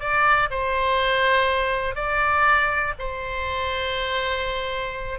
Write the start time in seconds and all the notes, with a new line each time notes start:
0.00 D5
0.51 C5
1.95 D5
2.99 C5